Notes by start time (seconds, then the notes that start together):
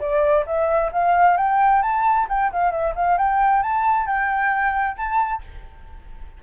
0.00 D5
0.46 E5
0.93 F5
1.37 G5
1.83 A5
2.29 G5
2.53 F5
2.72 E5
2.96 F5
3.18 G5
3.63 A5
4.07 G5
4.97 A5